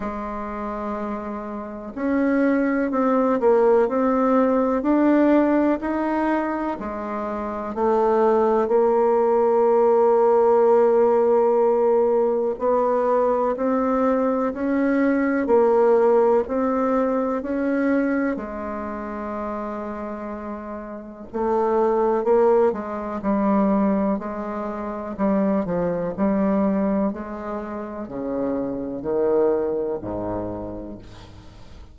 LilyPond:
\new Staff \with { instrumentName = "bassoon" } { \time 4/4 \tempo 4 = 62 gis2 cis'4 c'8 ais8 | c'4 d'4 dis'4 gis4 | a4 ais2.~ | ais4 b4 c'4 cis'4 |
ais4 c'4 cis'4 gis4~ | gis2 a4 ais8 gis8 | g4 gis4 g8 f8 g4 | gis4 cis4 dis4 gis,4 | }